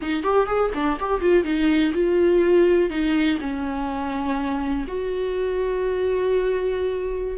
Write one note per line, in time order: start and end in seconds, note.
0.01 0.23 D#4
0.23 0.46 G4
0.46 0.70 G#4
0.74 0.98 D4
0.99 1.20 G4
1.20 1.44 F4
1.44 1.92 D#4
1.93 2.89 F4
2.89 3.38 D#4
3.40 4.85 C#4
4.87 7.37 F#4